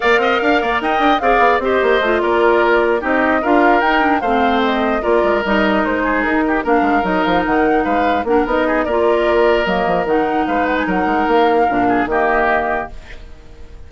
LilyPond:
<<
  \new Staff \with { instrumentName = "flute" } { \time 4/4 \tempo 4 = 149 f''2 g''4 f''4 | dis''4. d''2 dis''8~ | dis''8 f''4 g''4 f''4 dis''8~ | dis''8 d''4 dis''4 c''4 ais'8~ |
ais'8 f''4 dis''8 f''8 fis''4 f''8~ | f''8 fis''8 dis''4 d''2 | dis''4 fis''4 f''8 fis''16 gis''16 fis''4 | f''2 dis''2 | }
  \new Staff \with { instrumentName = "oboe" } { \time 4/4 d''8 dis''8 f''8 d''8 dis''4 d''4 | c''4. ais'2 g'8~ | g'8 ais'2 c''4.~ | c''8 ais'2~ ais'8 gis'4 |
g'8 ais'2. b'8~ | b'8 ais'4 gis'8 ais'2~ | ais'2 b'4 ais'4~ | ais'4. gis'8 g'2 | }
  \new Staff \with { instrumentName = "clarinet" } { \time 4/4 ais'2. gis'4 | g'4 f'2~ f'8 dis'8~ | dis'8 f'4 dis'8 d'8 c'4.~ | c'8 f'4 dis'2~ dis'8~ |
dis'8 d'4 dis'2~ dis'8~ | dis'8 d'8 dis'4 f'2 | ais4 dis'2.~ | dis'4 d'4 ais2 | }
  \new Staff \with { instrumentName = "bassoon" } { \time 4/4 ais8 c'8 d'8 ais8 dis'8 d'8 c'8 b8 | c'8 ais8 a8 ais2 c'8~ | c'8 d'4 dis'4 a4.~ | a8 ais8 gis8 g4 gis4 dis'8~ |
dis'8 ais8 gis8 fis8 f8 dis4 gis8~ | gis8 ais8 b4 ais2 | fis8 f8 dis4 gis4 fis8 gis8 | ais4 ais,4 dis2 | }
>>